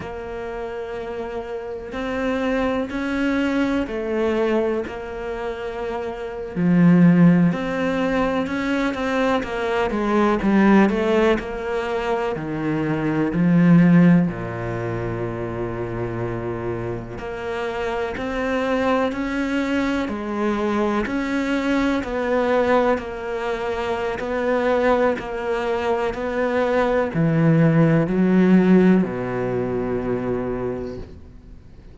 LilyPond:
\new Staff \with { instrumentName = "cello" } { \time 4/4 \tempo 4 = 62 ais2 c'4 cis'4 | a4 ais4.~ ais16 f4 c'16~ | c'8. cis'8 c'8 ais8 gis8 g8 a8 ais16~ | ais8. dis4 f4 ais,4~ ais,16~ |
ais,4.~ ais,16 ais4 c'4 cis'16~ | cis'8. gis4 cis'4 b4 ais16~ | ais4 b4 ais4 b4 | e4 fis4 b,2 | }